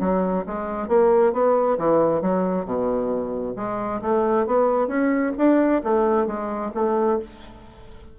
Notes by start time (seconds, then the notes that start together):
0.00 F#3
0.46 G#3
0.88 A#3
1.33 B3
1.78 E3
2.22 F#3
2.65 B2
3.56 G#3
4.02 A3
4.47 B3
4.88 C#4
5.38 D4
5.83 A3
6.27 G#3
6.74 A3